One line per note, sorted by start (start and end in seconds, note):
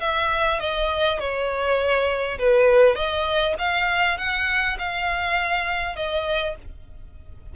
0.00 0.59 E5
0.60 1.19 D#5
1.19 2.38 C#5
2.38 2.95 B4
2.95 3.54 D#5
3.58 4.17 F5
4.17 4.77 F#5
4.78 5.95 F5
5.95 6.55 D#5